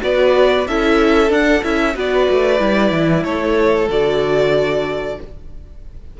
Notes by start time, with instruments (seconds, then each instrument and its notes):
0.00 cello B3, viola F#4, violin B4 D5
0.67 cello C#4, viola E4, violin A4 E5
1.29 viola D4, cello D4, violin F#5
1.63 cello C#4, viola E4, violin E5
1.94 cello B3, viola F#4, violin B4 D5
2.30 cello A3
2.59 cello G3, viola E4
2.91 cello E3
3.23 cello A3, violin A4 C#5
3.88 cello D3, viola F#4, violin D5